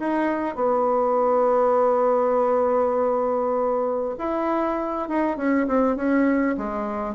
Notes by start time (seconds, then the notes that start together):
0.00 D#4
0.56 B3
4.19 E4
5.09 D#4
5.38 C#4
5.68 C4
5.96 C#4
6.58 G#3